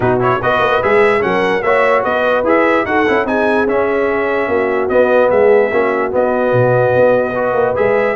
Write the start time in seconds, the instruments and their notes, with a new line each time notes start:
0.00 tuba B2, trombone D#4, horn F#4, trumpet B4
0.20 trombone E4, trumpet C#5
0.40 tuba B3, trombone F#4, horn B4, trumpet D#5
0.59 tuba A#3
0.82 tuba G#3, trombone G#4, trumpet E5
1.20 tuba F#3, trombone C#4, horn A#4, trumpet F#5
1.62 tuba A#3, trombone F#4, horn C#5, trumpet E5
2.03 tuba B3, horn B4, trumpet D#5
2.43 tuba E4, trombone G#4, trumpet E5
2.84 tuba D#4, trombone F#4, horn A4, trumpet F#5
3.06 tuba C#4, trombone E4
3.24 tuba C4, trombone D#4, horn G#4, trumpet G#5
3.66 tuba C#4, trombone C#4, trumpet E5
4.47 tuba A#3, horn F#4
4.89 trombone B3, tuba B3, trumpet D#5
5.30 tuba G#3, horn G#4, trumpet E5
5.70 tuba A#3, trombone C#4, horn F#4
6.11 trombone B3, tuba B3, trumpet D#5
6.52 tuba B2
6.95 tuba B3
7.35 trombone F#4, horn B4
7.53 tuba A#3
7.75 tuba G#3, trombone G#4, trumpet E5